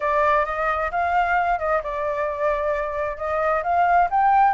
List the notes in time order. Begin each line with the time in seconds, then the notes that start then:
0.00 D5
0.45 D#5
0.91 F5
1.58 D#5
1.83 D5
3.17 D#5
3.63 F5
4.10 G5